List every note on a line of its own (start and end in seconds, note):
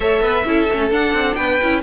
0.00 0.20 A3
0.00 0.45 A4
0.00 0.23 C#5
0.00 0.92 E5
0.20 0.43 B3
0.20 0.46 B4
0.45 0.68 C#4
0.45 0.68 E4
0.45 1.36 A4
0.71 0.90 A3
0.71 0.91 C#4
0.90 1.13 D4
0.90 1.60 D4
0.90 1.34 F#5
1.13 1.36 C4
1.34 1.60 B3
1.34 1.82 B4
1.34 1.80 G5
1.62 1.82 C#4
1.62 1.82 E4